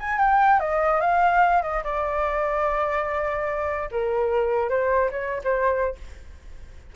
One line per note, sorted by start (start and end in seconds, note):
0.00 0.19 G#5
0.19 0.60 G5
0.60 1.01 D#5
1.01 1.62 F5
1.63 1.83 D#5
1.84 3.89 D5
3.92 4.70 A#4
4.70 5.11 C5
5.11 5.42 C#5
5.44 5.96 C5